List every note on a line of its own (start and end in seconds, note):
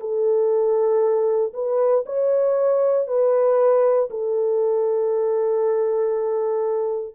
0.00 1.53 A4
1.53 2.04 B4
2.06 3.07 C#5
3.07 4.09 B4
4.10 7.15 A4